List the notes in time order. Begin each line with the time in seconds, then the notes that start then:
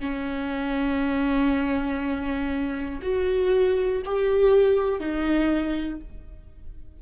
0.00 C#4
3.02 F#4
4.05 G4
5.00 D#4